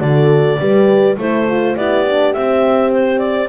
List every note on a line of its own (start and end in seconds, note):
0.00 0.59 D3
0.00 0.59 F#4
0.00 0.60 A4
0.00 1.17 D5
0.60 1.18 G3
0.60 1.18 G4
0.60 1.18 B4
1.18 1.77 A3
1.18 1.48 E4
1.18 1.76 A4
1.18 1.77 C5
1.48 1.77 F4
1.76 2.36 B3
1.76 2.06 E4
1.76 3.49 G4
1.76 2.33 D5
2.06 2.35 D4
2.33 3.49 C4
2.33 2.92 E5
2.92 3.19 C5
3.19 3.48 D5